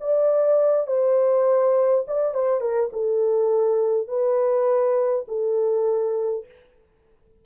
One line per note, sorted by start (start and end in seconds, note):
0.00 0.87 D5
0.87 2.05 C5
2.07 2.34 D5
2.34 2.60 C5
2.60 2.90 A#4
2.93 4.08 A4
4.08 5.25 B4
5.28 6.45 A4